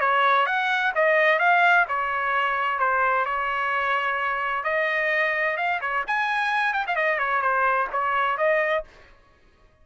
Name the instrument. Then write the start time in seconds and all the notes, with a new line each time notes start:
trumpet
0.00 C#5
0.46 F#5
0.95 D#5
1.39 F5
1.88 C#5
2.79 C5
3.26 C#5
4.64 D#5
5.57 F5
5.81 C#5
6.07 G#5
6.74 G5
6.87 F5
6.96 D#5
7.19 C#5
7.41 C5
7.92 C#5
8.37 D#5